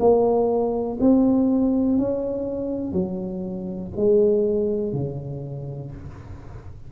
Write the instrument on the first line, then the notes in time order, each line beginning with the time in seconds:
tuba
0.00 A#3
1.00 C4
1.98 C#4
2.93 F#3
3.97 G#3
4.93 C#3